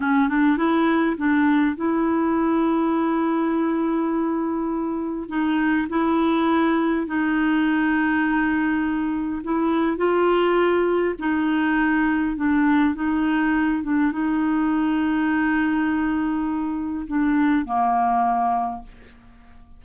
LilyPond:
\new Staff \with { instrumentName = "clarinet" } { \time 4/4 \tempo 4 = 102 cis'8 d'8 e'4 d'4 e'4~ | e'1~ | e'4 dis'4 e'2 | dis'1 |
e'4 f'2 dis'4~ | dis'4 d'4 dis'4. d'8 | dis'1~ | dis'4 d'4 ais2 | }